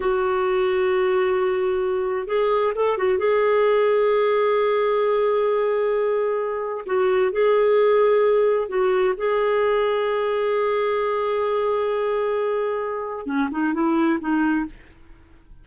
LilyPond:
\new Staff \with { instrumentName = "clarinet" } { \time 4/4 \tempo 4 = 131 fis'1~ | fis'4 gis'4 a'8 fis'8 gis'4~ | gis'1~ | gis'2. fis'4 |
gis'2. fis'4 | gis'1~ | gis'1~ | gis'4 cis'8 dis'8 e'4 dis'4 | }